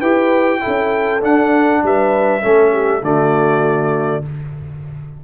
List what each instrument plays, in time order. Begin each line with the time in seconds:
0.00 tuba E4, trombone G4, horn B4, trumpet G5
0.61 trombone E4, horn A4
0.67 tuba C#4
1.22 trombone D4, tuba D4, trumpet F#5
1.83 tuba G3, horn B4, trumpet E5
2.42 tuba A3, trombone C#4, horn A4
2.72 horn G4
3.02 tuba D3, trombone A3, horn F#4, trumpet D5